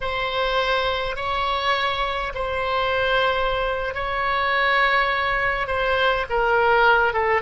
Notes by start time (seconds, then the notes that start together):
0.00 C5
1.16 C#5
2.34 C5
3.94 C#5
5.67 C5
6.29 A#4
7.13 A4